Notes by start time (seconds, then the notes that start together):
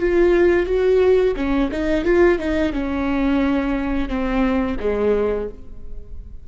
0.00 F4
0.67 F#4
1.37 C#4
1.72 D#4
2.05 F4
2.39 D#4
2.73 C#4
4.09 C4
4.80 G#3